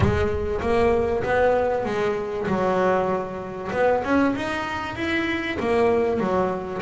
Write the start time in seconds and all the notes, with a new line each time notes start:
0.00 G#3
0.61 A#3
1.23 B3
1.85 G#3
2.47 F#3
3.72 B3
4.04 C#4
4.35 D#4
4.95 E4
5.59 A#3
6.19 F#3